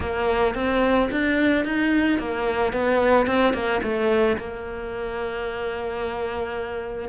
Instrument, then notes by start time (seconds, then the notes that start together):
cello
0.00 A#3
0.55 C4
1.11 D4
1.65 D#4
2.18 A#3
2.72 B3
3.26 C4
3.53 A#3
3.82 A3
4.37 A#3